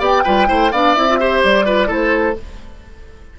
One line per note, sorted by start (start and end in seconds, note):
0.00 0.24 B3
0.00 0.24 G4
0.00 0.24 D5
0.00 0.73 G5
0.24 0.50 G3
0.24 0.47 F4
0.24 0.48 B4
0.47 0.72 A3
0.47 0.71 E4
0.47 0.72 C5
0.72 0.96 B3
0.72 0.97 D4
0.72 1.19 D5
0.72 0.95 F5
0.95 1.44 C4
0.95 1.08 E4
0.95 1.42 E5
1.09 1.20 F4
1.20 1.66 G4
1.20 1.66 C5
1.44 1.89 G3
1.44 1.92 D5
1.66 1.87 F4
1.66 1.88 B4
1.87 2.37 A3
1.87 2.34 E4
1.87 2.35 A4
1.87 2.40 C5